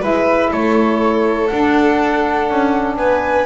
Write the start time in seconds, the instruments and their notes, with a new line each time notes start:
0.00 double bass G#3, saxophone E4, violin B4, flute E5
0.51 double bass A3, violin A4, flute C#5
1.47 saxophone D4, double bass D4, flute F#5
2.49 double bass C#4
2.96 double bass B3, violin B4, flute G#5